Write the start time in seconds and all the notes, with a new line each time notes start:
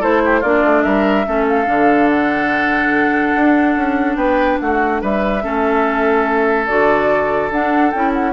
0.00 A3 E4 A4 C5
0.25 G4
0.40 A#3 D4 F4 D5
0.63 A3
0.83 G3 A#4 E5
1.26 A3 C#4 A4
1.48 F5
1.65 D3 D4
2.09 F#5
3.35 D4
3.76 C#4
4.16 B3 B4 G5
4.59 A3 F#4 F#5
5.01 G3 B4 E5
5.42 A3 C#4 A4
6.67 D3 F#4 D5
7.50 D4 F#5
7.91 C#4 E4 G5
8.13 F#5